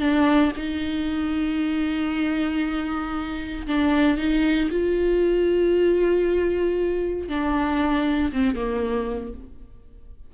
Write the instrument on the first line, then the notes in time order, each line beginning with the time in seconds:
viola
0.00 D4
0.56 D#4
3.67 D4
4.18 D#4
4.70 F4
7.29 D4
8.32 C4
8.56 A#3